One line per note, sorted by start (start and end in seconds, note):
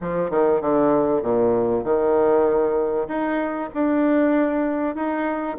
0.01 0.30 F3
0.30 0.61 D#3
0.61 1.22 D3
1.22 1.84 A#2
1.84 3.07 D#3
3.08 3.69 D#4
3.74 4.95 D4
4.95 5.57 D#4